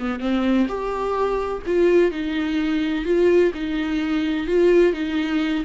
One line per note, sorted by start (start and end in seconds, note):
0.00 0.20 B3
0.20 0.67 C4
0.69 1.63 G4
1.67 2.12 F4
2.12 3.05 D#4
3.05 3.53 F4
3.55 4.47 D#4
4.47 4.94 F4
4.94 5.65 D#4